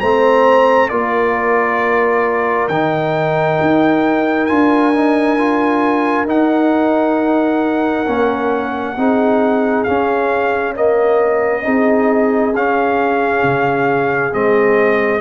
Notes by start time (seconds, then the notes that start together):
0.00 A3 C4 C5 A#5
0.89 A#3 F4 A#4 D5
2.69 D#3 D#4 G5
3.61 D#4
4.47 D4 F4 G#5
4.94 D#4
5.39 F4
6.26 D#4 F#5
8.08 A#3 C#4
8.97 C4 D#4 G#4
9.84 C#4 F5
10.75 A#3 D#5
11.64 C4 D#4 G#4
12.55 C#4 F5
13.44 C#3
14.33 G#3 C4 D#5